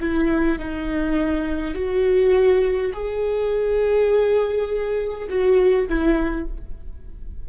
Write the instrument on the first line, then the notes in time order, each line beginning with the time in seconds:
viola
0.00 E4
0.58 D#4
1.74 F#4
2.93 G#4
5.29 F#4
5.89 E4